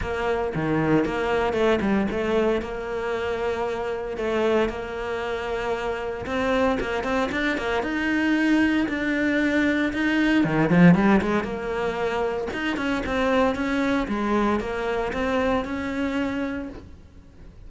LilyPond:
\new Staff \with { instrumentName = "cello" } { \time 4/4 \tempo 4 = 115 ais4 dis4 ais4 a8 g8 | a4 ais2. | a4 ais2. | c'4 ais8 c'8 d'8 ais8 dis'4~ |
dis'4 d'2 dis'4 | dis8 f8 g8 gis8 ais2 | dis'8 cis'8 c'4 cis'4 gis4 | ais4 c'4 cis'2 | }